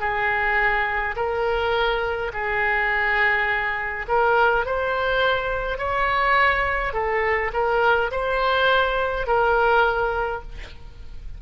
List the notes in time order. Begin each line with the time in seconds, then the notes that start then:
0.00 G#4
1.16 A#4
2.33 G#4
4.09 A#4
4.66 C5
5.78 C#5
6.94 A4
7.54 A#4
8.12 C5
9.27 A#4